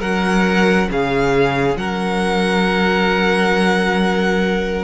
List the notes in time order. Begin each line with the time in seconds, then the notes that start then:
0.00 F#3 C#4 A#4 F#5
0.90 C#3 G#4 F5
1.76 F#3 A#4 F#5